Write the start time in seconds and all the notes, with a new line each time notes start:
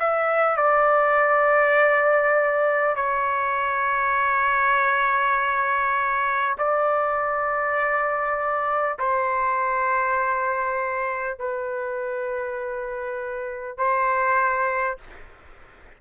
0.00 E5
0.57 D5
2.97 C#5
6.58 D5
8.99 C5
11.39 B4
13.78 C5